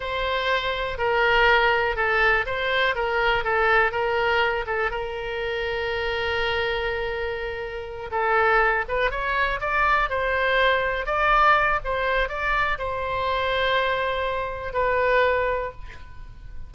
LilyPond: \new Staff \with { instrumentName = "oboe" } { \time 4/4 \tempo 4 = 122 c''2 ais'2 | a'4 c''4 ais'4 a'4 | ais'4. a'8 ais'2~ | ais'1~ |
ais'8 a'4. b'8 cis''4 d''8~ | d''8 c''2 d''4. | c''4 d''4 c''2~ | c''2 b'2 | }